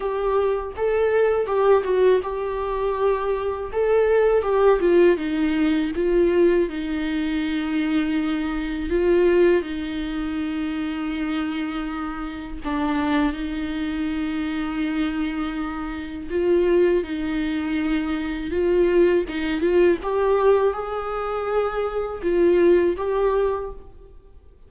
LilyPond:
\new Staff \with { instrumentName = "viola" } { \time 4/4 \tempo 4 = 81 g'4 a'4 g'8 fis'8 g'4~ | g'4 a'4 g'8 f'8 dis'4 | f'4 dis'2. | f'4 dis'2.~ |
dis'4 d'4 dis'2~ | dis'2 f'4 dis'4~ | dis'4 f'4 dis'8 f'8 g'4 | gis'2 f'4 g'4 | }